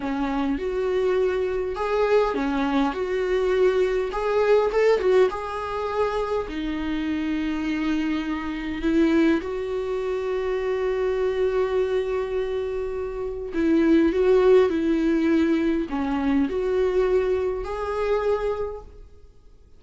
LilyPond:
\new Staff \with { instrumentName = "viola" } { \time 4/4 \tempo 4 = 102 cis'4 fis'2 gis'4 | cis'4 fis'2 gis'4 | a'8 fis'8 gis'2 dis'4~ | dis'2. e'4 |
fis'1~ | fis'2. e'4 | fis'4 e'2 cis'4 | fis'2 gis'2 | }